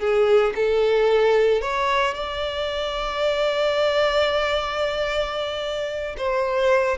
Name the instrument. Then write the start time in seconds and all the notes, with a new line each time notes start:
violin
0.00 G#4
0.56 A4
1.62 C#5
2.14 D5
6.18 C5